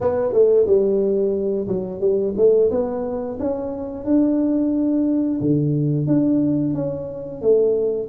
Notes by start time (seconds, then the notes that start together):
0.01 B3
0.32 A3
0.66 G3
1.67 F#3
2.00 G3
2.36 A3
2.70 B3
3.39 C#4
4.04 D4
5.40 D3
6.06 D4
6.74 C#4
7.41 A3